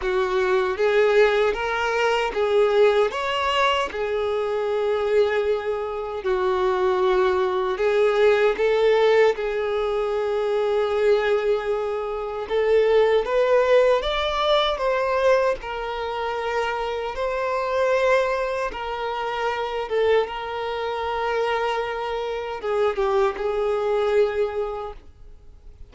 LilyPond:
\new Staff \with { instrumentName = "violin" } { \time 4/4 \tempo 4 = 77 fis'4 gis'4 ais'4 gis'4 | cis''4 gis'2. | fis'2 gis'4 a'4 | gis'1 |
a'4 b'4 d''4 c''4 | ais'2 c''2 | ais'4. a'8 ais'2~ | ais'4 gis'8 g'8 gis'2 | }